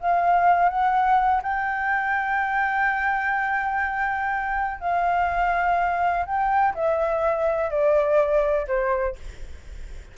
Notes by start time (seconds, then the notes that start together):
0.00 F5
0.69 F#5
1.42 G5
4.80 F5
6.26 G5
6.74 E5
7.70 D5
8.67 C5